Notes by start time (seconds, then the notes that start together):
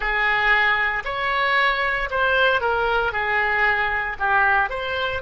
0.00 G#4
1.04 C#5
2.10 C5
2.61 A#4
3.12 G#4
4.19 G4
4.69 C5